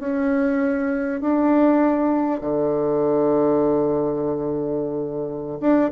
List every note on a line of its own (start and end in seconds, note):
0.00 1.21 C#4
1.21 2.41 D4
2.41 5.59 D3
5.61 5.91 D4